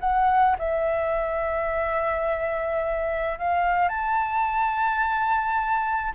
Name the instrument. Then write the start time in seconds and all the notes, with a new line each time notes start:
flute
0.00 F#5
0.59 E5
3.38 F5
3.88 A5